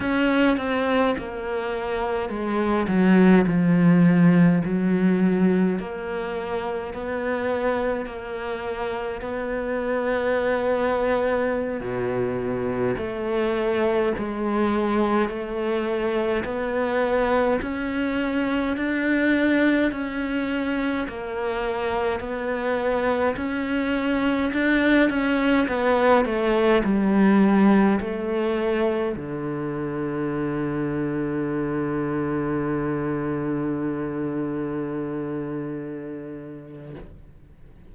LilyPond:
\new Staff \with { instrumentName = "cello" } { \time 4/4 \tempo 4 = 52 cis'8 c'8 ais4 gis8 fis8 f4 | fis4 ais4 b4 ais4 | b2~ b16 b,4 a8.~ | a16 gis4 a4 b4 cis'8.~ |
cis'16 d'4 cis'4 ais4 b8.~ | b16 cis'4 d'8 cis'8 b8 a8 g8.~ | g16 a4 d2~ d8.~ | d1 | }